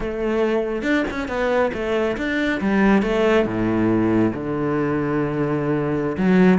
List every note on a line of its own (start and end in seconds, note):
0.00 0.82 A3
0.82 1.04 D4
1.10 1.28 C#4
1.28 1.71 B3
1.73 2.16 A3
2.17 2.60 D4
2.60 3.02 G3
3.02 3.45 A3
3.45 4.32 A2
4.33 6.16 D3
6.17 6.58 F#3